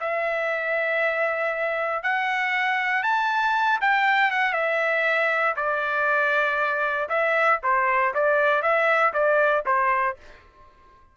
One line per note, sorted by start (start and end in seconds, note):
0.00 2.03 E5
2.03 3.03 F#5
3.03 3.79 A5
3.81 4.31 G5
4.31 4.53 F#5
4.53 5.55 E5
5.56 7.09 D5
7.09 7.60 E5
7.63 8.14 C5
8.14 8.62 D5
8.62 9.13 E5
9.13 9.64 D5
9.66 10.16 C5